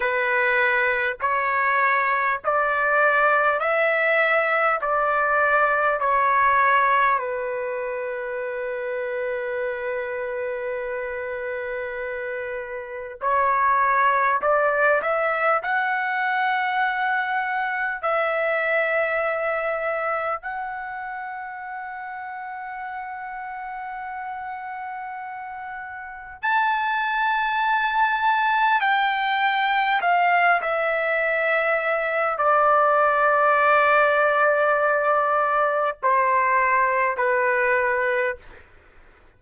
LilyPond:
\new Staff \with { instrumentName = "trumpet" } { \time 4/4 \tempo 4 = 50 b'4 cis''4 d''4 e''4 | d''4 cis''4 b'2~ | b'2. cis''4 | d''8 e''8 fis''2 e''4~ |
e''4 fis''2.~ | fis''2 a''2 | g''4 f''8 e''4. d''4~ | d''2 c''4 b'4 | }